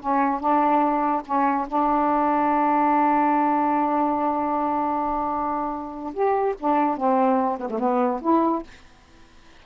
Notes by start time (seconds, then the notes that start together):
0.00 C#4
0.40 D4
1.25 C#4
1.67 D4
6.13 G4
6.60 D4
6.97 C4
7.59 B3
7.69 A3
7.79 B3
8.21 E4